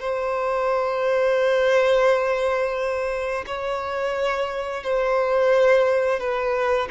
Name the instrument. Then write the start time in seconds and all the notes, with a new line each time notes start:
violin
0.00 C5
3.46 C#5
4.84 C5
6.20 B4